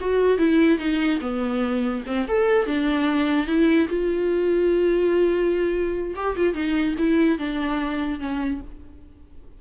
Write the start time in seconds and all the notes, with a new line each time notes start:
0.00 F#4
0.38 E4
0.78 D#4
1.20 B3
2.06 C4
2.28 A4
2.66 D4
3.47 E4
3.88 F4
6.15 G4
6.36 F4
6.54 D#4
6.98 E4
7.38 D4
8.19 C#4